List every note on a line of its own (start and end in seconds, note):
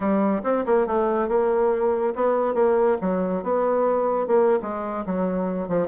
0.00 0.41 G3
0.43 0.64 C4
0.65 0.86 A#3
0.86 1.28 A3
1.28 2.14 A#3
2.15 2.54 B3
2.54 2.97 A#3
3.01 3.43 F#3
3.43 4.27 B3
4.27 4.59 A#3
4.62 5.05 G#3
5.06 5.68 F#3
5.68 5.87 F3